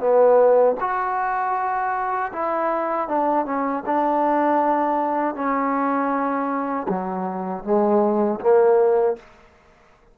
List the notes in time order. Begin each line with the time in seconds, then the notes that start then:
0.00 B3
0.80 F#4
2.33 E4
3.09 D4
3.46 C#4
3.86 D4
5.35 C#4
6.89 F#3
7.64 G#3
8.41 A#3